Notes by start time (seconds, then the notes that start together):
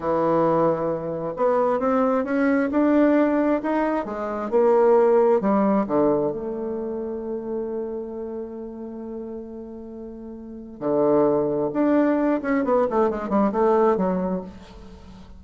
0.00 E3
1.36 B3
1.79 C4
2.24 C#4
2.71 D4
3.62 D#4
4.05 G#3
4.50 A#3
5.41 G3
5.86 D3
6.32 A3
10.80 D3
11.73 D4
12.41 C#4
12.64 B3
12.90 A3
13.09 G#3
13.29 G3
13.52 A3
13.96 F#3